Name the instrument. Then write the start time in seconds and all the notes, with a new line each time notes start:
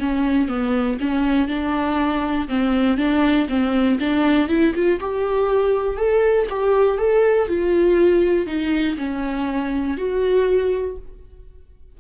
viola
0.00 C#4
0.49 B3
1.01 C#4
1.48 D4
2.49 C4
2.98 D4
3.49 C4
4.00 D4
4.49 E4
4.75 F4
5.00 G4
5.97 A4
6.50 G4
6.98 A4
7.48 F4
8.47 D#4
8.97 C#4
9.97 F#4